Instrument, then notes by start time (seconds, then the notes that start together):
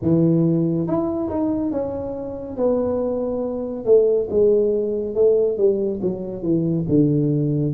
tuba
0.02 E3
0.87 E4
1.29 D#4
1.71 C#4
2.56 B3
3.85 A3
4.30 G#3
5.14 A3
5.57 G3
6.02 F#3
6.42 E3
6.88 D3